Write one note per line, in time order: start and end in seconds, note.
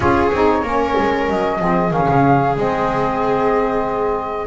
0.00 0.30 C#4
0.00 0.31 F4
0.00 0.63 G#4
0.00 1.27 C#5
0.31 0.62 C4
0.31 0.65 D#4
0.62 0.94 A#3
0.62 1.59 C#4
0.62 1.58 A#4
0.98 1.29 G#3
1.28 1.59 F#3
1.28 1.92 D#5
1.59 1.90 F3
1.59 1.90 C4
1.59 4.46 G#4
1.90 2.06 D#3
1.90 2.54 C#4
1.90 2.56 F5
2.08 2.56 C#3
2.56 4.46 G#3
2.56 4.46 C4
2.56 4.46 D#5